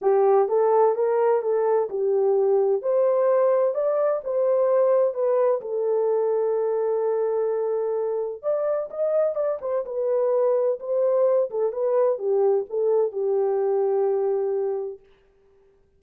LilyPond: \new Staff \with { instrumentName = "horn" } { \time 4/4 \tempo 4 = 128 g'4 a'4 ais'4 a'4 | g'2 c''2 | d''4 c''2 b'4 | a'1~ |
a'2 d''4 dis''4 | d''8 c''8 b'2 c''4~ | c''8 a'8 b'4 g'4 a'4 | g'1 | }